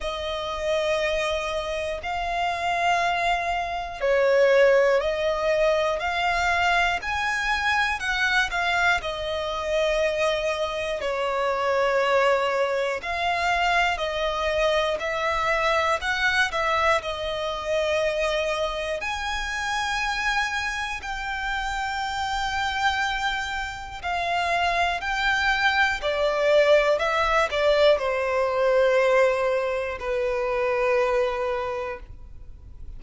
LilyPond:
\new Staff \with { instrumentName = "violin" } { \time 4/4 \tempo 4 = 60 dis''2 f''2 | cis''4 dis''4 f''4 gis''4 | fis''8 f''8 dis''2 cis''4~ | cis''4 f''4 dis''4 e''4 |
fis''8 e''8 dis''2 gis''4~ | gis''4 g''2. | f''4 g''4 d''4 e''8 d''8 | c''2 b'2 | }